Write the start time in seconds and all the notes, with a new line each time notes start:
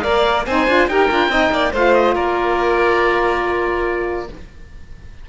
0.00 A#3 A#4 D5 F5
0.47 C4 D#4 C5 G#5
0.67 D4 F4
0.88 D#4 G4 A#4 G5
1.09 D4 F4
1.29 C4 D#4 D#5
1.51 A#3 D5
1.73 A3 F4 C5 F5
1.94 D#5
2.15 A#3 A#4 D5